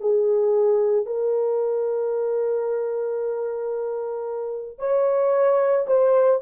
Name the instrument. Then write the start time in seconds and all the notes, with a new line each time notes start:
horn
0.00 G#4
1.06 A#4
4.78 C#5
5.87 C5